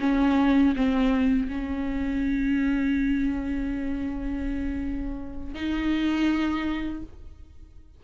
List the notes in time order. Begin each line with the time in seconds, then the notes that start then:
0.00 C#4
0.76 C4
1.48 C#4
5.55 D#4